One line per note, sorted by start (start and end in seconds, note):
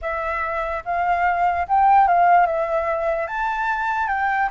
0.01 0.83 E5
0.84 1.67 F5
1.68 2.07 G5
2.07 2.46 F5
2.46 3.27 E5
3.27 4.08 A5
4.08 4.49 G5